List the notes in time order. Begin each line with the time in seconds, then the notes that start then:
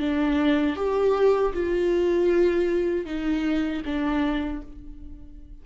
0.00 D4
0.76 G4
1.53 F4
3.06 D#4
3.85 D4